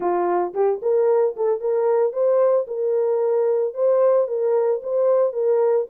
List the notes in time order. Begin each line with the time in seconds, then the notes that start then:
0.00 F4
0.54 G4
0.82 A#4
1.36 A4
1.60 A#4
2.13 C5
2.67 A#4
3.74 C5
4.27 A#4
4.83 C5
5.32 A#4